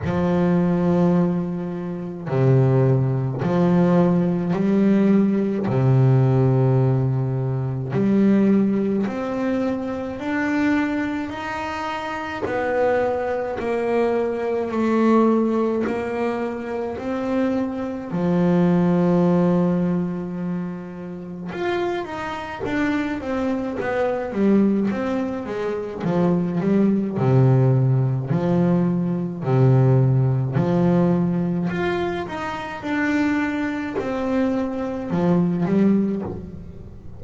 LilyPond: \new Staff \with { instrumentName = "double bass" } { \time 4/4 \tempo 4 = 53 f2 c4 f4 | g4 c2 g4 | c'4 d'4 dis'4 b4 | ais4 a4 ais4 c'4 |
f2. f'8 dis'8 | d'8 c'8 b8 g8 c'8 gis8 f8 g8 | c4 f4 c4 f4 | f'8 dis'8 d'4 c'4 f8 g8 | }